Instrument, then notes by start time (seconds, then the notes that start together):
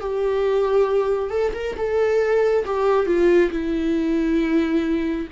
viola
0.00 G4
1.30 A4
1.54 A#4
1.77 A4
2.65 G4
3.06 F4
3.51 E4